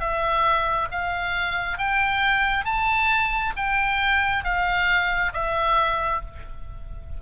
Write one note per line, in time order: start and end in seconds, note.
0.00 0.88 E5
0.91 1.78 F5
1.78 2.65 G5
2.65 3.53 A5
3.57 4.44 G5
4.44 5.32 F5
5.33 6.22 E5